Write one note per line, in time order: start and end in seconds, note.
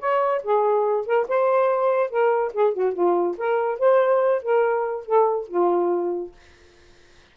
0.00 0.42 C#5
0.44 1.06 G#4
1.06 1.27 A#4
1.28 2.10 C5
2.10 2.53 A#4
2.54 2.74 G#4
2.74 2.93 F#4
2.93 3.36 F4
3.38 3.79 A#4
3.79 4.43 C5
4.43 5.06 A#4
5.06 5.48 A4
5.48 6.32 F4